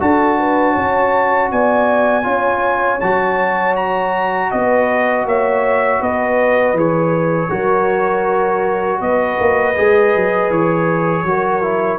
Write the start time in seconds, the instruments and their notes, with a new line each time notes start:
0.00 tuba D4, trombone F#4, horn A4, trumpet A5
0.39 horn B4
0.73 tuba C#4, horn C#5
1.51 tuba B3, horn D5, trumpet G#5
2.24 tuba C#4, trombone F4, horn C#5
3.00 tuba F#3, trombone F#4, trumpet A5
3.76 trumpet A#5
4.51 tuba B3, horn B4, trumpet D#5
5.25 tuba A#3, horn C#5, trumpet E5
6.01 tuba B3, horn B4, trumpet D#5
6.74 tuba E3, trombone G#4, trumpet C#5
7.50 tuba F#3, trombone F#4, horn A#4
9.00 tuba B3, horn B4, trumpet D#5
9.40 tuba A#3
9.76 tuba G#3, trombone G#4
10.16 tuba F#3
10.50 tuba E3, trumpet C#5
11.23 tuba F#3, trombone F#4, horn A#4
11.62 trombone E4